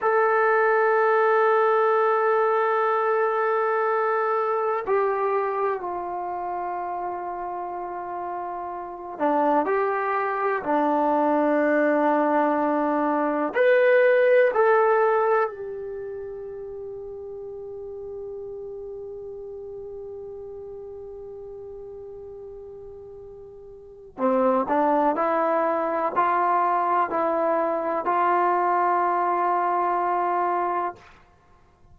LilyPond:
\new Staff \with { instrumentName = "trombone" } { \time 4/4 \tempo 4 = 62 a'1~ | a'4 g'4 f'2~ | f'4. d'8 g'4 d'4~ | d'2 b'4 a'4 |
g'1~ | g'1~ | g'4 c'8 d'8 e'4 f'4 | e'4 f'2. | }